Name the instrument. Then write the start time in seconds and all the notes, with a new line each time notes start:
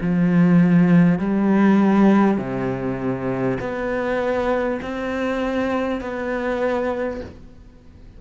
cello
0.00 F3
1.18 G3
2.37 C3
3.60 B3
4.82 C4
6.00 B3